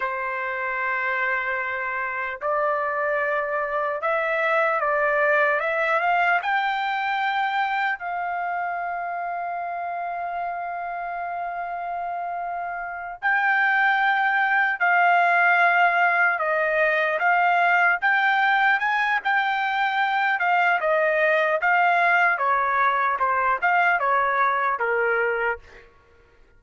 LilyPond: \new Staff \with { instrumentName = "trumpet" } { \time 4/4 \tempo 4 = 75 c''2. d''4~ | d''4 e''4 d''4 e''8 f''8 | g''2 f''2~ | f''1~ |
f''8 g''2 f''4.~ | f''8 dis''4 f''4 g''4 gis''8 | g''4. f''8 dis''4 f''4 | cis''4 c''8 f''8 cis''4 ais'4 | }